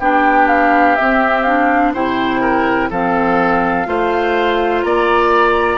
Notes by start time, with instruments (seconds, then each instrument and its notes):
0.00 bassoon B3, clarinet D4, oboe G4, flute G5
0.48 flute F5
0.96 clarinet C4, bassoon C4, flute E5
1.44 clarinet D4, flute F5
1.94 bassoon C3, clarinet E4, oboe C5, flute G5
2.41 oboe A#4
2.91 bassoon F3, clarinet C4, oboe A4, flute F5
3.86 bassoon A3, clarinet F4, oboe C5
4.83 bassoon A#3, oboe D5, flute A#5